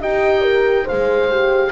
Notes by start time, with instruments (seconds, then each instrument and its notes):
0.00 double bass D#4, horn G4 D#5, oboe G5
0.42 horn A#4
0.84 horn G#4 C5, oboe F5
0.91 double bass G#3
1.29 horn G4